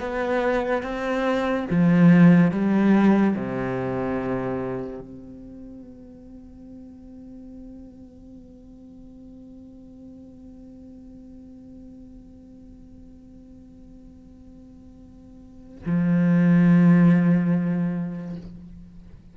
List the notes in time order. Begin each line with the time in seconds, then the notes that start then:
0.00 B3
0.83 C4
1.70 F3
2.51 G3
3.35 C3
5.00 C4
15.86 F3